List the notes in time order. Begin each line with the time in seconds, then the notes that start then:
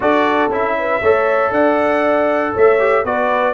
0.00 D4 F#4 A4 D5
0.49 C#4 E4 E5
0.79 B4
1.02 A3 A4 C#5
1.50 D4 D5 F#5
2.53 A3 C#5 E5
2.79 G4
3.04 B3 F#4 B4 D5